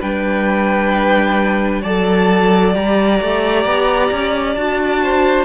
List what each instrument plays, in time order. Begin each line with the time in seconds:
0.00 cello G3, viola D4, violin B4 G5
1.82 cello F#3, viola A4, violin D5 A5
2.74 cello G3, viola G4, violin A#5
3.21 cello A3
3.65 cello B3
4.11 cello C#4
4.55 cello D4, viola F#4, violin A5
5.03 violin C5